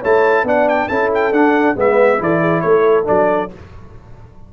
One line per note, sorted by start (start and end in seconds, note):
0.00 0.43 A3
0.00 0.46 E4
0.00 0.43 C#5
0.00 0.47 A5
0.43 0.87 B3
0.43 0.89 D4
0.43 0.89 D5
0.43 0.68 F#5
0.68 0.88 G5
0.88 1.32 C#4
0.88 1.33 E4
0.88 1.76 A4
0.88 1.10 A5
1.14 1.33 G5
1.32 1.75 D4
1.32 1.76 D4
1.32 1.76 F#5
1.76 2.19 G#3
1.76 2.18 B3
1.76 2.19 B4
1.76 2.23 E5
2.18 2.63 E3
2.18 3.04 E4
2.18 2.40 A4
2.18 2.61 D5
2.40 2.62 G#4
2.61 3.07 A3
2.61 3.51 A4
2.61 3.04 C#5
3.04 3.53 F#3
3.04 3.48 D4
3.04 3.51 D5